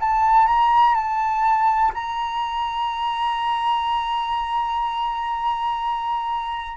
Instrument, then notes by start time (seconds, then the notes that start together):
flute
0.00 A5
0.47 A#5
0.95 A5
1.94 A#5